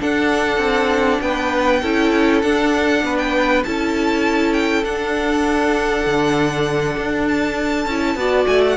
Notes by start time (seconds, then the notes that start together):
0.00 D4 A4 F#5
0.58 C4
1.21 B3 B4 G5
1.82 C#4 E4 A4
2.42 D4 F#5
3.03 B3 B4
3.18 G5
3.64 C#4 E4 A4 A5
4.54 G5
4.84 D4 F#5
6.06 D3
6.98 D4
7.28 A5
7.86 C#4 E4
8.16 B3 F#4 D5
8.47 A3 G#5
8.68 F#5